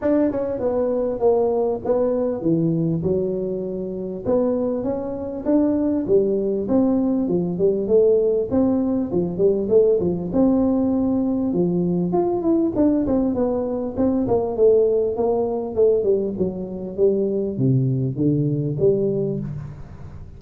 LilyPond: \new Staff \with { instrumentName = "tuba" } { \time 4/4 \tempo 4 = 99 d'8 cis'8 b4 ais4 b4 | e4 fis2 b4 | cis'4 d'4 g4 c'4 | f8 g8 a4 c'4 f8 g8 |
a8 f8 c'2 f4 | f'8 e'8 d'8 c'8 b4 c'8 ais8 | a4 ais4 a8 g8 fis4 | g4 c4 d4 g4 | }